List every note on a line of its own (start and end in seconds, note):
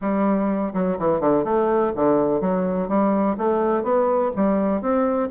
0.01 0.73 G3
0.73 0.97 F#3
0.98 1.20 E3
1.20 1.44 D3
1.44 1.92 A3
1.95 2.40 D3
2.40 2.88 F#3
2.88 3.36 G3
3.37 3.83 A3
3.83 4.31 B3
4.35 4.81 G3
4.81 5.29 C4